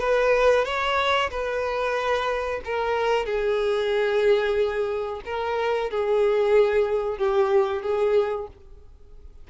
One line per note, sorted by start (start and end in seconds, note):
0.00 0.65 B4
0.65 1.30 C#5
1.31 2.61 B4
2.65 3.26 A#4
3.26 5.22 G#4
5.25 5.91 A#4
5.91 7.18 G#4
7.18 7.83 G4
7.83 8.48 G#4